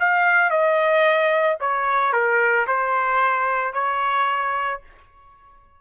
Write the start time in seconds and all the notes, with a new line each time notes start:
0.00 F5
0.50 D#5
1.60 C#5
2.13 A#4
2.67 C5
3.74 C#5